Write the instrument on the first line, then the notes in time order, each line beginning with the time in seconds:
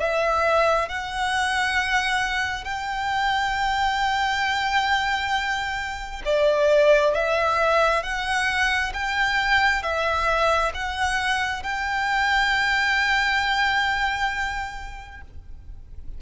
violin
0.00 E5
0.89 F#5
2.65 G5
6.26 D5
7.15 E5
8.04 F#5
8.94 G5
9.83 E5
10.75 F#5
11.63 G5